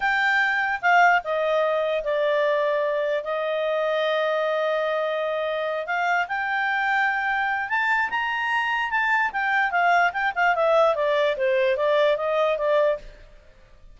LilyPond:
\new Staff \with { instrumentName = "clarinet" } { \time 4/4 \tempo 4 = 148 g''2 f''4 dis''4~ | dis''4 d''2. | dis''1~ | dis''2~ dis''8 f''4 g''8~ |
g''2. a''4 | ais''2 a''4 g''4 | f''4 g''8 f''8 e''4 d''4 | c''4 d''4 dis''4 d''4 | }